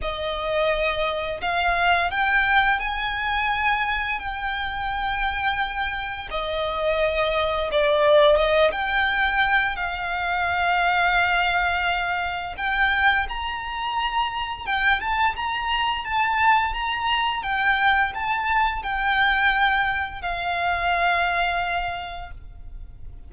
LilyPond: \new Staff \with { instrumentName = "violin" } { \time 4/4 \tempo 4 = 86 dis''2 f''4 g''4 | gis''2 g''2~ | g''4 dis''2 d''4 | dis''8 g''4. f''2~ |
f''2 g''4 ais''4~ | ais''4 g''8 a''8 ais''4 a''4 | ais''4 g''4 a''4 g''4~ | g''4 f''2. | }